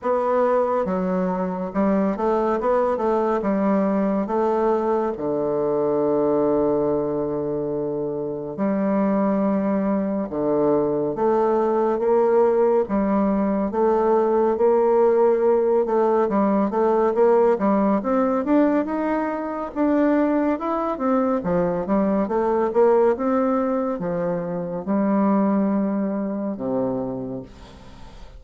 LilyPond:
\new Staff \with { instrumentName = "bassoon" } { \time 4/4 \tempo 4 = 70 b4 fis4 g8 a8 b8 a8 | g4 a4 d2~ | d2 g2 | d4 a4 ais4 g4 |
a4 ais4. a8 g8 a8 | ais8 g8 c'8 d'8 dis'4 d'4 | e'8 c'8 f8 g8 a8 ais8 c'4 | f4 g2 c4 | }